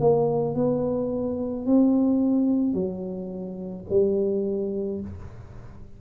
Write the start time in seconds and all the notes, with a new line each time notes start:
0.00 A#3
0.55 B3
1.66 C4
2.73 F#3
3.90 G3